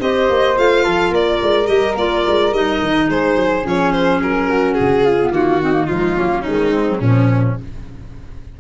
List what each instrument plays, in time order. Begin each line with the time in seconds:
0.00 tuba C4, clarinet G4, flute C5, violin D#5
0.30 tuba A#3
0.56 tuba A3, clarinet F4, violin F5
0.84 tuba F3, flute A4
1.10 tuba A#3, flute A#4, violin D5
1.42 tuba G#3
1.65 tuba G3, clarinet G4, violin D#5
1.95 tuba A#3, clarinet F4, violin D5
2.27 tuba G#3
2.52 tuba G3, clarinet D#4, violin D#5
2.82 tuba D#3
3.09 tuba G#3, flute G#4, violin C5
3.36 tuba F#3
3.63 tuba F3, clarinet C#4, violin C#5
3.92 violin C5
4.22 tuba F#3, violin A#4
4.49 flute F#4
4.74 tuba C#3, violin G#4
5.05 flute F4
5.22 clarinet B3
5.30 tuba D#3, clarinet A#3, violin F#4
5.62 clarinet C4, flute D#4
5.72 clarinet A#3
5.86 tuba F3, clarinet G#3, violin F4
6.16 tuba F#3, clarinet A#3, flute C#4
6.42 clarinet D#3, tuba G#3, violin D#4
6.71 clarinet G#3, flute C4
6.89 clarinet F#3
7.00 tuba A#2, clarinet F3, violin C#4, flute C#4